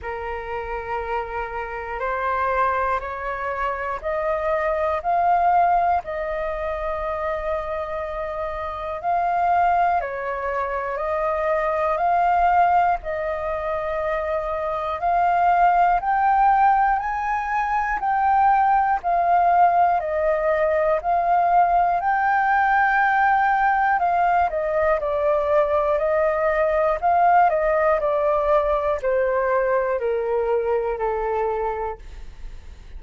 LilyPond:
\new Staff \with { instrumentName = "flute" } { \time 4/4 \tempo 4 = 60 ais'2 c''4 cis''4 | dis''4 f''4 dis''2~ | dis''4 f''4 cis''4 dis''4 | f''4 dis''2 f''4 |
g''4 gis''4 g''4 f''4 | dis''4 f''4 g''2 | f''8 dis''8 d''4 dis''4 f''8 dis''8 | d''4 c''4 ais'4 a'4 | }